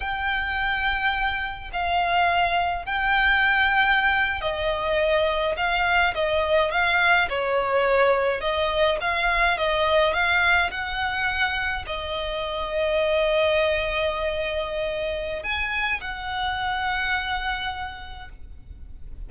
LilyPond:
\new Staff \with { instrumentName = "violin" } { \time 4/4 \tempo 4 = 105 g''2. f''4~ | f''4 g''2~ g''8. dis''16~ | dis''4.~ dis''16 f''4 dis''4 f''16~ | f''8. cis''2 dis''4 f''16~ |
f''8. dis''4 f''4 fis''4~ fis''16~ | fis''8. dis''2.~ dis''16~ | dis''2. gis''4 | fis''1 | }